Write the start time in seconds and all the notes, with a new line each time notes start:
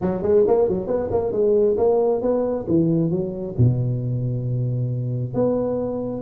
0.01 F#3
0.22 G#3
0.47 A#3
0.68 F#3
0.87 B3
1.11 A#3
1.32 G#3
1.77 A#3
2.21 B3
2.68 E3
3.10 F#3
3.57 B2
5.33 B3